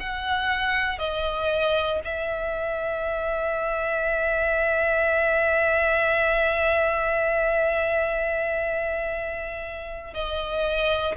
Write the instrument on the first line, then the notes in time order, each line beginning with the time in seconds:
violin
0.00 F#5
0.98 D#5
2.04 E5
10.14 D#5